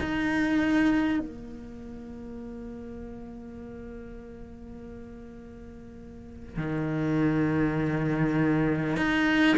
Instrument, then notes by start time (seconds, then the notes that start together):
cello
0.00 D#4
1.19 A#3
6.57 D#3
8.96 D#4